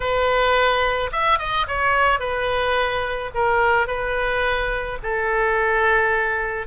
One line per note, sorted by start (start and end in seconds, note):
0.00 1.10 B4
1.12 1.38 E5
1.38 1.66 D#5
1.67 2.19 C#5
2.19 3.31 B4
3.34 3.87 A#4
3.87 4.98 B4
5.02 6.66 A4